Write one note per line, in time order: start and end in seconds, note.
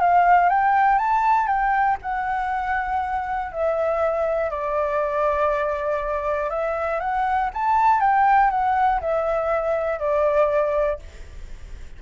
0.00 0.49 F5
0.49 0.98 G5
0.98 1.47 A5
1.47 1.97 G5
2.02 3.52 F#5
3.52 4.50 E5
4.50 6.50 D5
6.50 7.00 E5
7.00 7.50 F#5
7.53 8.00 A5
8.00 8.50 G5
8.50 9.00 F#5
9.00 9.99 E5
9.99 10.99 D5